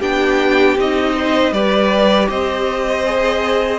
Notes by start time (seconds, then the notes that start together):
0.00 B3 D4 G4 G5
0.77 C4 D#4 D#5
1.17 C5
1.53 G3 G4 B4 D5
2.30 C4 C5 D#5
3.06 G#4